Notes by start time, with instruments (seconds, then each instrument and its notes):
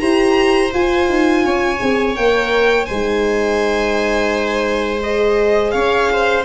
0.00 tuba E4, horn G4, viola C5, violin A#5
0.74 tuba F4, horn F4, violin G#5
1.09 tuba D#4
1.45 tuba C#4, viola C#5
1.80 tuba C4, horn G#4
2.16 tuba A#3, horn A#4, violin G5
2.86 tuba G#3, horn D#4, viola C5, violin G#5
5.02 horn G#4, violin D#5
5.72 tuba C#4, viola C#5, violin F5
6.13 viola C5